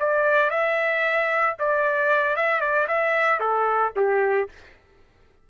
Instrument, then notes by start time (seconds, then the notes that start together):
trumpet
0.00 D5
0.51 E5
1.59 D5
2.37 E5
2.61 D5
2.88 E5
3.40 A4
3.97 G4